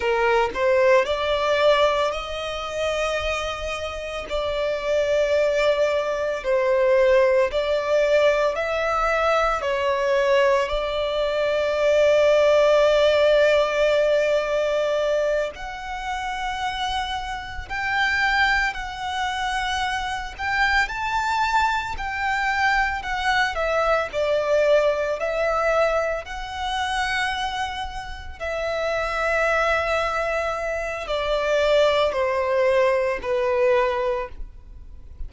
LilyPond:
\new Staff \with { instrumentName = "violin" } { \time 4/4 \tempo 4 = 56 ais'8 c''8 d''4 dis''2 | d''2 c''4 d''4 | e''4 cis''4 d''2~ | d''2~ d''8 fis''4.~ |
fis''8 g''4 fis''4. g''8 a''8~ | a''8 g''4 fis''8 e''8 d''4 e''8~ | e''8 fis''2 e''4.~ | e''4 d''4 c''4 b'4 | }